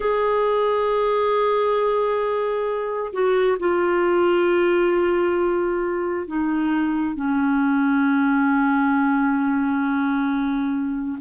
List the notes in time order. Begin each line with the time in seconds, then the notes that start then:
0.00 G#4
3.12 F#4
3.59 F4
6.27 D#4
7.15 C#4